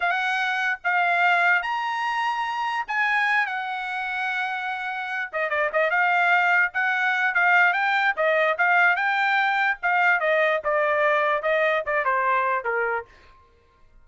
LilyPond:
\new Staff \with { instrumentName = "trumpet" } { \time 4/4 \tempo 4 = 147 fis''2 f''2 | ais''2. gis''4~ | gis''8 fis''2.~ fis''8~ | fis''4 dis''8 d''8 dis''8 f''4.~ |
f''8 fis''4. f''4 g''4 | dis''4 f''4 g''2 | f''4 dis''4 d''2 | dis''4 d''8 c''4. ais'4 | }